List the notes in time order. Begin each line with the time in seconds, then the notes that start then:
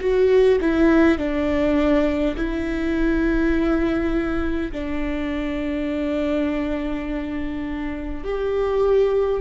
0.00 F#4
0.61 E4
1.18 D4
2.36 E4
4.72 D4
8.24 G4